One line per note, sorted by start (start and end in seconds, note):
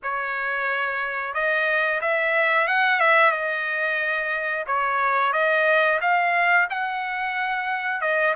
0.02 1.34 C#5
1.34 2.00 D#5
2.01 2.67 E5
2.67 3.00 F#5
3.00 3.32 E5
3.32 4.65 D#5
4.66 5.32 C#5
5.32 5.99 D#5
6.01 6.68 F5
6.70 8.01 F#5
8.01 8.34 D#5